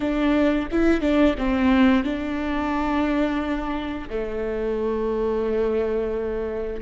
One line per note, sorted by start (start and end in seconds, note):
0.00 0.68 D4
0.71 1.00 E4
1.00 1.35 D4
1.38 2.04 C4
2.04 4.08 D4
4.09 6.81 A3